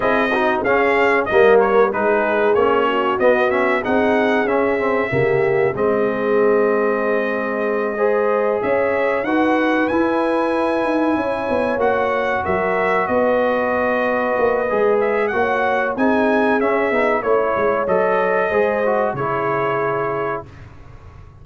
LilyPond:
<<
  \new Staff \with { instrumentName = "trumpet" } { \time 4/4 \tempo 4 = 94 dis''4 f''4 dis''8 cis''8 b'4 | cis''4 dis''8 e''8 fis''4 e''4~ | e''4 dis''2.~ | dis''4. e''4 fis''4 gis''8~ |
gis''2~ gis''8 fis''4 e''8~ | e''8 dis''2. e''8 | fis''4 gis''4 e''4 cis''4 | dis''2 cis''2 | }
  \new Staff \with { instrumentName = "horn" } { \time 4/4 gis'8 fis'8 gis'4 ais'4 gis'4~ | gis'8 fis'4. gis'2 | g'4 gis'2.~ | gis'8 c''4 cis''4 b'4.~ |
b'4. cis''2 ais'8~ | ais'8 b'2.~ b'8 | cis''4 gis'2 cis''4~ | cis''4 c''4 gis'2 | }
  \new Staff \with { instrumentName = "trombone" } { \time 4/4 e'8 dis'8 cis'4 ais4 dis'4 | cis'4 b8 cis'8 dis'4 cis'8 c'8 | ais4 c'2.~ | c'8 gis'2 fis'4 e'8~ |
e'2~ e'8 fis'4.~ | fis'2. gis'4 | fis'4 dis'4 cis'8 dis'8 e'4 | a'4 gis'8 fis'8 e'2 | }
  \new Staff \with { instrumentName = "tuba" } { \time 4/4 c'4 cis'4 g4 gis4 | ais4 b4 c'4 cis'4 | cis4 gis2.~ | gis4. cis'4 dis'4 e'8~ |
e'4 dis'8 cis'8 b8 ais4 fis8~ | fis8 b2 ais8 gis4 | ais4 c'4 cis'8 b8 a8 gis8 | fis4 gis4 cis2 | }
>>